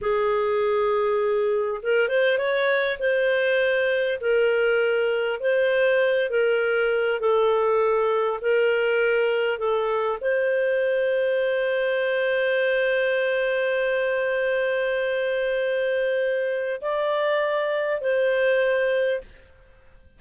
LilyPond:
\new Staff \with { instrumentName = "clarinet" } { \time 4/4 \tempo 4 = 100 gis'2. ais'8 c''8 | cis''4 c''2 ais'4~ | ais'4 c''4. ais'4. | a'2 ais'2 |
a'4 c''2.~ | c''1~ | c''1 | d''2 c''2 | }